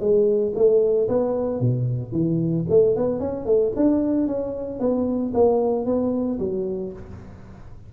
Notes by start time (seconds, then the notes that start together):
0.00 G#3
0.55 A3
1.08 B3
1.60 B2
2.12 E3
2.70 A3
2.96 B3
3.20 C#4
3.46 A3
3.76 D4
4.27 C#4
4.80 B3
5.34 A#3
5.86 B3
6.39 F#3